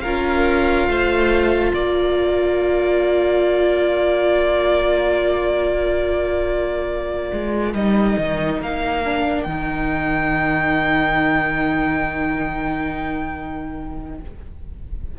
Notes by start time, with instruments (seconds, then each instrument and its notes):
0.00 cello C#4, viola F4, violin A#4 F5
0.87 cello A3, violin C5
1.73 cello A#3, violin A#4 D5
7.32 cello G#3
7.73 cello G3, viola D#4, violin D#5
8.18 cello D#3
8.60 cello A#3, violin F5
9.05 viola D4
9.42 cello D#3, viola D#4, violin G5